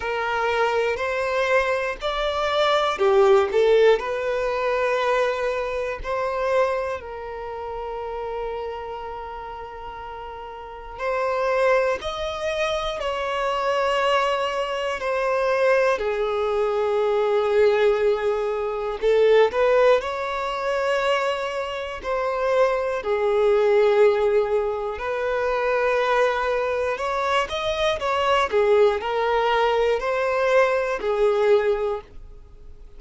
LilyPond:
\new Staff \with { instrumentName = "violin" } { \time 4/4 \tempo 4 = 60 ais'4 c''4 d''4 g'8 a'8 | b'2 c''4 ais'4~ | ais'2. c''4 | dis''4 cis''2 c''4 |
gis'2. a'8 b'8 | cis''2 c''4 gis'4~ | gis'4 b'2 cis''8 dis''8 | cis''8 gis'8 ais'4 c''4 gis'4 | }